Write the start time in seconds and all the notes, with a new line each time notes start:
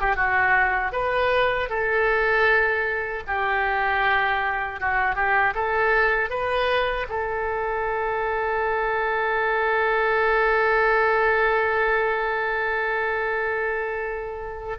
0.00 G4
0.15 F#4
0.92 B4
1.69 A4
3.27 G4
4.80 F#4
5.15 G4
5.54 A4
6.29 B4
7.09 A4